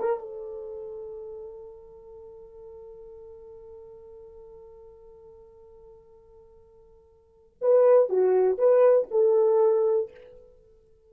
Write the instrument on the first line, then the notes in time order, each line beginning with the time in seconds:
horn
0.00 A#4
0.20 A4
7.62 B4
8.10 F#4
8.58 B4
9.11 A4